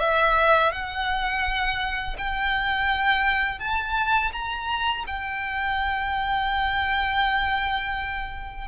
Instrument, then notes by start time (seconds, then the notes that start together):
violin
0.00 E5
0.72 F#5
2.18 G5
3.59 A5
4.32 A#5
5.07 G5